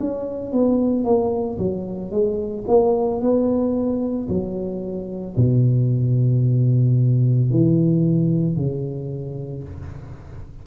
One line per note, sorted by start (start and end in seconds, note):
0.00 0.53 C#4
0.53 1.05 B3
1.05 1.58 A#3
1.59 2.11 F#3
2.11 2.65 G#3
2.68 3.21 A#3
3.21 4.29 B3
4.29 5.36 F#3
5.37 7.51 B2
7.51 8.57 E3
8.57 9.64 C#3